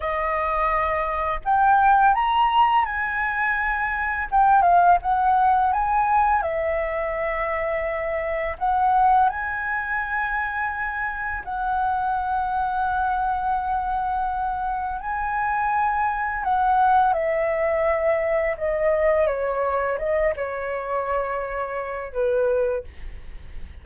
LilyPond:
\new Staff \with { instrumentName = "flute" } { \time 4/4 \tempo 4 = 84 dis''2 g''4 ais''4 | gis''2 g''8 f''8 fis''4 | gis''4 e''2. | fis''4 gis''2. |
fis''1~ | fis''4 gis''2 fis''4 | e''2 dis''4 cis''4 | dis''8 cis''2~ cis''8 b'4 | }